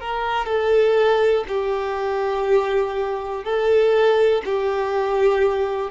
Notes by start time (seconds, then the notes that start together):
0.00 A#4
0.46 A4
1.48 G4
3.44 A4
4.45 G4